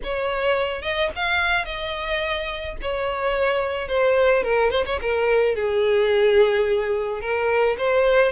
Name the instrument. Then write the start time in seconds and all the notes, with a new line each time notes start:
violin
0.03 C#5
0.82 D#5
1.15 F5
1.65 D#5
2.81 C#5
3.88 C5
4.43 A#4
4.70 C5
4.85 C#5
5.01 A#4
5.55 G#4
7.21 A#4
7.78 C5